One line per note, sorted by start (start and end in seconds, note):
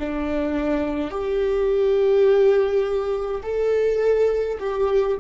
0.00 1.11 D4
1.11 3.42 G4
3.43 4.58 A4
4.60 5.18 G4